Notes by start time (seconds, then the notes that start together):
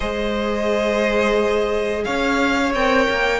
0.00 G#3 G#4 C5 D#5
2.04 C#4 C#5 F5
2.74 C4 A#4 G5
3.09 A#3